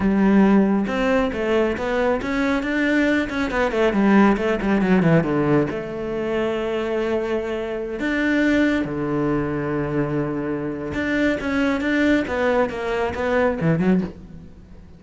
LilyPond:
\new Staff \with { instrumentName = "cello" } { \time 4/4 \tempo 4 = 137 g2 c'4 a4 | b4 cis'4 d'4. cis'8 | b8 a8 g4 a8 g8 fis8 e8 | d4 a2.~ |
a2~ a16 d'4.~ d'16~ | d'16 d2.~ d8.~ | d4 d'4 cis'4 d'4 | b4 ais4 b4 e8 fis8 | }